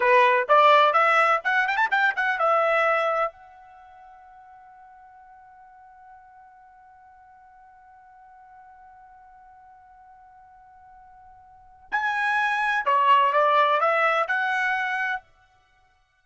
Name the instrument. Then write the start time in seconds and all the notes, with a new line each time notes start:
trumpet
0.00 B4
0.48 D5
0.93 E5
1.44 F#5
1.67 G5
1.76 A5
1.90 G5
2.16 F#5
2.38 E5
3.32 F#5
11.91 G#5
12.85 C#5
13.32 D5
13.80 E5
14.27 F#5